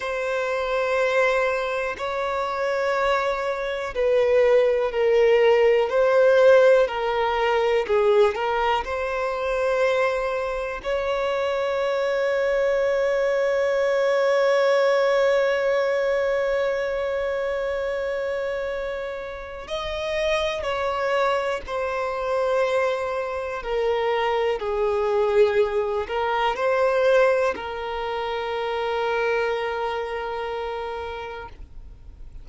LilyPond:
\new Staff \with { instrumentName = "violin" } { \time 4/4 \tempo 4 = 61 c''2 cis''2 | b'4 ais'4 c''4 ais'4 | gis'8 ais'8 c''2 cis''4~ | cis''1~ |
cis''1 | dis''4 cis''4 c''2 | ais'4 gis'4. ais'8 c''4 | ais'1 | }